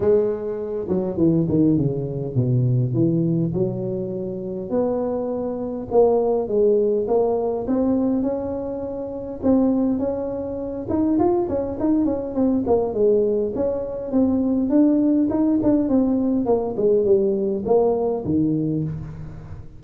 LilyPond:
\new Staff \with { instrumentName = "tuba" } { \time 4/4 \tempo 4 = 102 gis4. fis8 e8 dis8 cis4 | b,4 e4 fis2 | b2 ais4 gis4 | ais4 c'4 cis'2 |
c'4 cis'4. dis'8 f'8 cis'8 | dis'8 cis'8 c'8 ais8 gis4 cis'4 | c'4 d'4 dis'8 d'8 c'4 | ais8 gis8 g4 ais4 dis4 | }